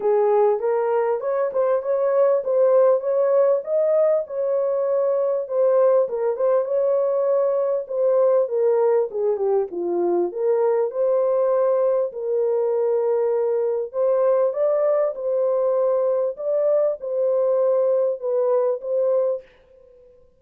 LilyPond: \new Staff \with { instrumentName = "horn" } { \time 4/4 \tempo 4 = 99 gis'4 ais'4 cis''8 c''8 cis''4 | c''4 cis''4 dis''4 cis''4~ | cis''4 c''4 ais'8 c''8 cis''4~ | cis''4 c''4 ais'4 gis'8 g'8 |
f'4 ais'4 c''2 | ais'2. c''4 | d''4 c''2 d''4 | c''2 b'4 c''4 | }